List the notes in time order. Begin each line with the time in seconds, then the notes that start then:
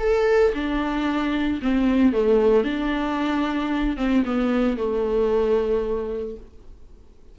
0.00 A4
0.55 D4
1.63 C4
2.13 A3
2.65 D4
3.97 C4
4.26 B3
4.77 A3